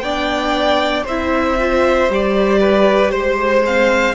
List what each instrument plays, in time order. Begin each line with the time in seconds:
0.00 cello B3, viola D4, violin D5 G5
1.04 cello C4, viola E4, violin C5 E5
1.59 viola F4
2.09 cello G3, viola G4, violin D5
2.60 violin B4
3.11 cello G#3, violin C5
3.65 viola C4, violin F5